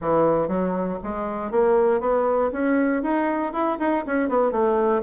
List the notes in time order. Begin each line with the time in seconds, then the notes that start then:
0.01 E3
0.48 F#3
1.03 G#3
1.51 A#3
2.00 B3
2.52 C#4
3.03 D#4
3.52 E4
3.79 D#4
4.06 C#4
4.29 B3
4.51 A3